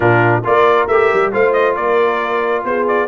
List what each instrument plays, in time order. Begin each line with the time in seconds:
0.00 tuba A#2, trombone D4, horn F4, trumpet A#4
0.44 tuba A#3, trombone F4, horn A#4, trumpet D5
0.87 tuba A3, trombone G4, trumpet E5
1.13 tuba G3
1.32 tuba A3, trombone F4, horn C5, trumpet F5
1.52 trumpet D#5
1.76 tuba A#3, horn A#4, trumpet D5
2.64 tuba B3, horn G#4, trumpet C5
2.87 trumpet D5